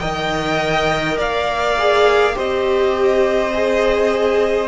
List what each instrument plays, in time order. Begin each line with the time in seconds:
0.00 cello D#3, viola A#4, violin D#5 G5
1.18 cello A#3, violin D5 F5
1.79 viola G#4
2.34 cello C4, viola G4, violin C5 D#5
3.54 viola G#4